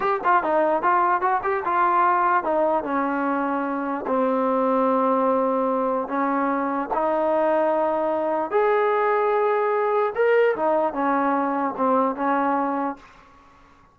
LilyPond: \new Staff \with { instrumentName = "trombone" } { \time 4/4 \tempo 4 = 148 g'8 f'8 dis'4 f'4 fis'8 g'8 | f'2 dis'4 cis'4~ | cis'2 c'2~ | c'2. cis'4~ |
cis'4 dis'2.~ | dis'4 gis'2.~ | gis'4 ais'4 dis'4 cis'4~ | cis'4 c'4 cis'2 | }